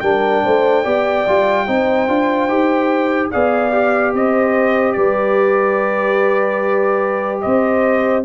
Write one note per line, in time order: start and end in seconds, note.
0.00 0.43 G3
0.00 0.84 D4
0.00 0.44 A#4
0.00 3.29 G5
0.44 0.85 A3
0.44 0.83 C5
0.83 1.26 B3
0.83 1.25 G4
0.83 1.65 D5
1.27 1.68 G3
1.27 1.67 F4
1.67 2.07 C4
1.67 2.08 D#4
1.67 3.31 C5
2.07 2.47 D4
2.07 2.49 F4
2.47 3.30 D#4
2.47 3.31 G4
3.31 4.13 B3
3.31 3.71 G#4
3.31 4.14 D5
3.31 4.13 F5
3.71 8.23 G4
4.13 4.96 C4
4.13 4.96 C5
4.13 4.92 D#5
4.92 7.43 G3
4.92 7.43 B4
4.92 7.39 D5
7.41 8.25 C4
7.41 8.25 C5
7.41 8.23 D#5